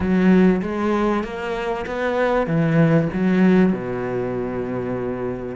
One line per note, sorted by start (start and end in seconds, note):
0.00 0.61 F#3
0.61 1.23 G#3
1.23 1.85 A#3
1.86 2.46 B3
2.46 3.08 E3
3.13 3.72 F#3
3.72 5.56 B2